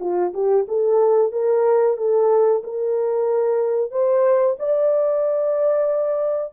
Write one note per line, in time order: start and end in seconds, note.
0.00 0.33 F4
0.33 0.66 G4
0.68 1.32 A4
1.32 1.97 A#4
1.97 2.62 A4
2.64 3.91 A#4
3.91 4.56 C5
4.59 6.53 D5